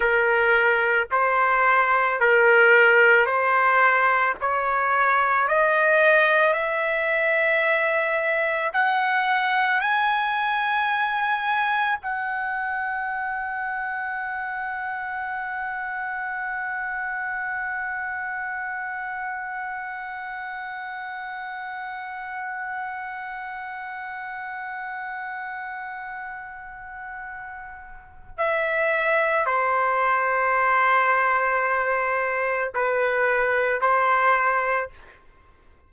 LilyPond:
\new Staff \with { instrumentName = "trumpet" } { \time 4/4 \tempo 4 = 55 ais'4 c''4 ais'4 c''4 | cis''4 dis''4 e''2 | fis''4 gis''2 fis''4~ | fis''1~ |
fis''1~ | fis''1~ | fis''2 e''4 c''4~ | c''2 b'4 c''4 | }